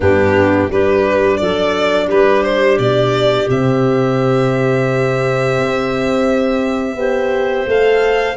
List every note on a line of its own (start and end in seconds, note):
0.00 0.68 G2
0.00 0.69 B3
0.00 0.69 D4
0.00 0.70 G4
0.69 1.38 G3
0.69 3.48 D4
0.69 1.40 G4
0.69 1.37 B4
1.37 2.10 F#3
1.37 2.07 A4
1.37 2.07 D5
2.07 2.78 G3
2.07 6.95 G4
2.07 2.43 B4
2.43 2.78 C5
2.78 3.48 B2
2.78 3.48 D5
3.49 5.58 C3
3.49 6.97 C4
3.49 7.69 E5
5.59 6.95 C4
6.95 7.65 B3
6.95 7.67 G4
6.95 8.36 C5
7.66 8.36 A3
7.66 8.36 A4
7.66 8.36 F5